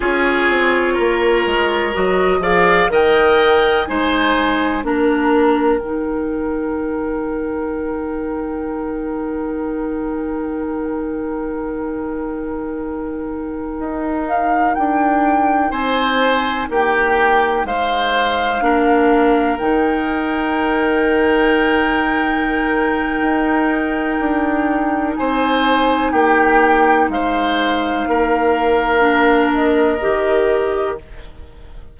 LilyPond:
<<
  \new Staff \with { instrumentName = "flute" } { \time 4/4 \tempo 4 = 62 cis''2 dis''8 f''8 g''4 | gis''4 ais''4 g''2~ | g''1~ | g''2~ g''8. f''8 g''8.~ |
g''16 gis''4 g''4 f''4.~ f''16~ | f''16 g''2.~ g''8.~ | g''2 gis''4 g''4 | f''2~ f''8 dis''4. | }
  \new Staff \with { instrumentName = "oboe" } { \time 4/4 gis'4 ais'4. d''8 dis''4 | c''4 ais'2.~ | ais'1~ | ais'1~ |
ais'16 c''4 g'4 c''4 ais'8.~ | ais'1~ | ais'2 c''4 g'4 | c''4 ais'2. | }
  \new Staff \with { instrumentName = "clarinet" } { \time 4/4 f'2 fis'8 gis'8 ais'4 | dis'4 d'4 dis'2~ | dis'1~ | dis'1~ |
dis'2.~ dis'16 d'8.~ | d'16 dis'2.~ dis'8.~ | dis'1~ | dis'2 d'4 g'4 | }
  \new Staff \with { instrumentName = "bassoon" } { \time 4/4 cis'8 c'8 ais8 gis8 fis8 f8 dis4 | gis4 ais4 dis2~ | dis1~ | dis2~ dis16 dis'4 d'8.~ |
d'16 c'4 ais4 gis4 ais8.~ | ais16 dis2.~ dis8. | dis'4 d'4 c'4 ais4 | gis4 ais2 dis4 | }
>>